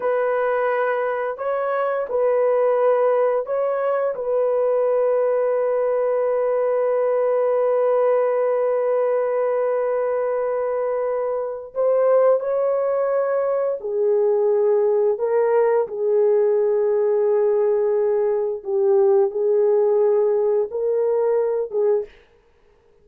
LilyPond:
\new Staff \with { instrumentName = "horn" } { \time 4/4 \tempo 4 = 87 b'2 cis''4 b'4~ | b'4 cis''4 b'2~ | b'1~ | b'1~ |
b'4 c''4 cis''2 | gis'2 ais'4 gis'4~ | gis'2. g'4 | gis'2 ais'4. gis'8 | }